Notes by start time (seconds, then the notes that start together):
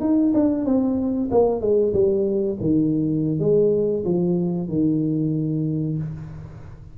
0.00 D#4
0.34 D4
0.65 C4
1.31 A#3
1.61 G#3
1.93 G3
2.60 D#3
3.39 G#3
4.04 F3
4.68 D#3